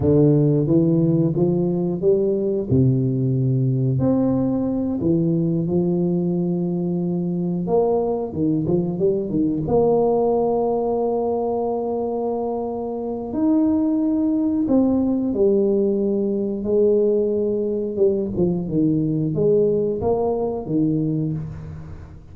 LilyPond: \new Staff \with { instrumentName = "tuba" } { \time 4/4 \tempo 4 = 90 d4 e4 f4 g4 | c2 c'4. e8~ | e8 f2. ais8~ | ais8 dis8 f8 g8 dis8 ais4.~ |
ais1 | dis'2 c'4 g4~ | g4 gis2 g8 f8 | dis4 gis4 ais4 dis4 | }